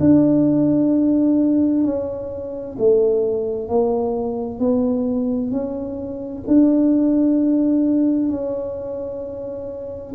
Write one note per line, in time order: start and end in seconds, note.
0.00 1.84 D4
1.84 2.77 C#4
2.79 3.69 A3
3.69 4.59 A#3
4.59 5.51 B3
5.51 6.44 C#4
6.47 8.30 D4
8.30 10.14 C#4